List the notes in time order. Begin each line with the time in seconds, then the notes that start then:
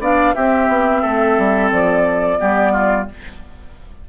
0.00 B3 D4 D5 F5
0.35 C4 G4 E5
0.69 B3
1.02 A3 A4
1.38 G3
1.72 F3 D5
2.38 G3 B3 G4
2.73 F4